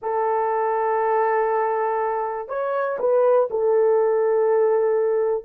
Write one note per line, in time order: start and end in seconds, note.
0.02 2.48 A4
2.48 2.98 C#5
2.99 3.48 B4
3.50 5.44 A4